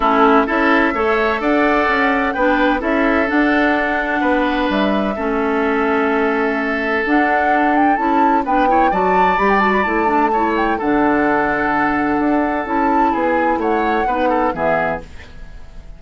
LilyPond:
<<
  \new Staff \with { instrumentName = "flute" } { \time 4/4 \tempo 4 = 128 a'4 e''2 fis''4~ | fis''4 g''4 e''4 fis''4~ | fis''2 e''2~ | e''2. fis''4~ |
fis''8 g''8 a''4 g''4 a''4 | b''16 g''16 a''16 b''16 a''4. g''8 fis''4~ | fis''2. a''4 | gis''4 fis''2 e''4 | }
  \new Staff \with { instrumentName = "oboe" } { \time 4/4 e'4 a'4 cis''4 d''4~ | d''4 b'4 a'2~ | a'4 b'2 a'4~ | a'1~ |
a'2 b'8 cis''8 d''4~ | d''2 cis''4 a'4~ | a'1 | gis'4 cis''4 b'8 a'8 gis'4 | }
  \new Staff \with { instrumentName = "clarinet" } { \time 4/4 cis'4 e'4 a'2~ | a'4 d'4 e'4 d'4~ | d'2. cis'4~ | cis'2. d'4~ |
d'4 e'4 d'8 e'8 fis'4 | g'8 fis'8 e'8 d'8 e'4 d'4~ | d'2. e'4~ | e'2 dis'4 b4 | }
  \new Staff \with { instrumentName = "bassoon" } { \time 4/4 a4 cis'4 a4 d'4 | cis'4 b4 cis'4 d'4~ | d'4 b4 g4 a4~ | a2. d'4~ |
d'4 cis'4 b4 fis4 | g4 a2 d4~ | d2 d'4 cis'4 | b4 a4 b4 e4 | }
>>